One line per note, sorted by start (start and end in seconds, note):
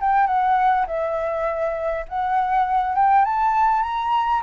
0.00 0.26 G5
0.26 0.86 F#5
0.86 2.05 E5
2.08 2.95 F#5
2.95 3.24 G5
3.24 3.82 A5
3.82 4.41 A#5